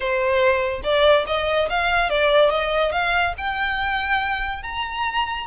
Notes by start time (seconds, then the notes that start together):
0.00 C5
0.83 D5
1.26 D#5
1.69 F5
2.09 D5
2.50 D#5
2.92 F5
3.37 G5
4.62 A#5